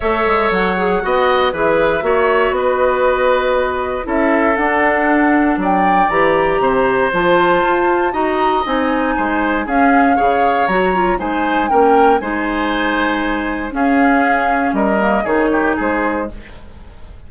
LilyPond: <<
  \new Staff \with { instrumentName = "flute" } { \time 4/4 \tempo 4 = 118 e''4 fis''2 e''4~ | e''4 dis''2. | e''4 fis''2 g''4 | ais''2 a''2 |
ais''4 gis''2 f''4~ | f''4 ais''4 gis''4 g''4 | gis''2. f''4~ | f''4 dis''4 cis''4 c''4 | }
  \new Staff \with { instrumentName = "oboe" } { \time 4/4 cis''2 dis''4 b'4 | cis''4 b'2. | a'2. d''4~ | d''4 c''2. |
dis''2 c''4 gis'4 | cis''2 c''4 ais'4 | c''2. gis'4~ | gis'4 ais'4 gis'8 g'8 gis'4 | }
  \new Staff \with { instrumentName = "clarinet" } { \time 4/4 a'4. gis'8 fis'4 gis'4 | fis'1 | e'4 d'2. | g'2 f'2 |
fis'4 dis'2 cis'4 | gis'4 fis'8 f'8 dis'4 cis'4 | dis'2. cis'4~ | cis'4. ais8 dis'2 | }
  \new Staff \with { instrumentName = "bassoon" } { \time 4/4 a8 gis8 fis4 b4 e4 | ais4 b2. | cis'4 d'2 fis4 | e4 c4 f4 f'4 |
dis'4 c'4 gis4 cis'4 | cis4 fis4 gis4 ais4 | gis2. cis'4~ | cis'4 g4 dis4 gis4 | }
>>